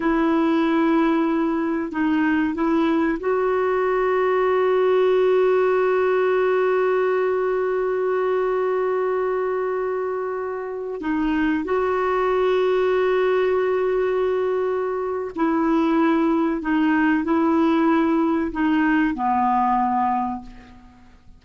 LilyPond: \new Staff \with { instrumentName = "clarinet" } { \time 4/4 \tempo 4 = 94 e'2. dis'4 | e'4 fis'2.~ | fis'1~ | fis'1~ |
fis'4~ fis'16 dis'4 fis'4.~ fis'16~ | fis'1 | e'2 dis'4 e'4~ | e'4 dis'4 b2 | }